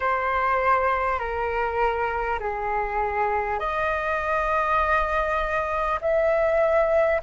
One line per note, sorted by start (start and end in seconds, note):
0.00 1.19 C5
1.19 2.39 A#4
2.39 3.59 G#4
3.59 5.99 D#5
6.01 7.21 E5